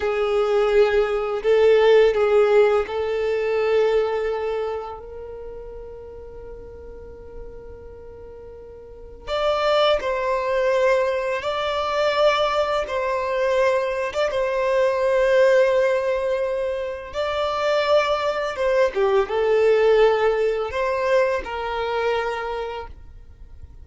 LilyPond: \new Staff \with { instrumentName = "violin" } { \time 4/4 \tempo 4 = 84 gis'2 a'4 gis'4 | a'2. ais'4~ | ais'1~ | ais'4 d''4 c''2 |
d''2 c''4.~ c''16 d''16 | c''1 | d''2 c''8 g'8 a'4~ | a'4 c''4 ais'2 | }